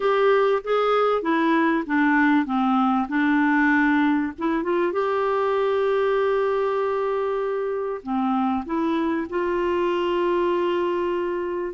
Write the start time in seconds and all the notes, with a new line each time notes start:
0.00 G4
0.64 G#4
1.22 E4
1.86 D4
2.45 C4
3.08 D4
4.38 E4
4.63 F4
4.92 G4
8.02 C4
8.65 E4
9.29 F4